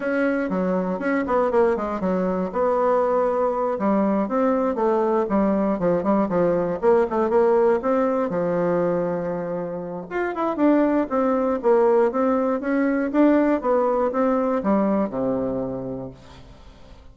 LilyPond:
\new Staff \with { instrumentName = "bassoon" } { \time 4/4 \tempo 4 = 119 cis'4 fis4 cis'8 b8 ais8 gis8 | fis4 b2~ b8 g8~ | g8 c'4 a4 g4 f8 | g8 f4 ais8 a8 ais4 c'8~ |
c'8 f2.~ f8 | f'8 e'8 d'4 c'4 ais4 | c'4 cis'4 d'4 b4 | c'4 g4 c2 | }